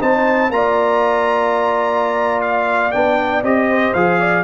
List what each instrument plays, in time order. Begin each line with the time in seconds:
0.00 tuba C4, trombone D#4, horn C5, trumpet A5
0.50 tuba A#3, trombone F4, horn D5, trumpet A#5
2.41 trumpet F5
2.91 tuba B3, trombone D4, trumpet G5
3.42 tuba C4, trombone G4, trumpet D#5
3.69 horn C5
3.93 tuba F3, trombone G#4, trumpet F5
4.19 horn D5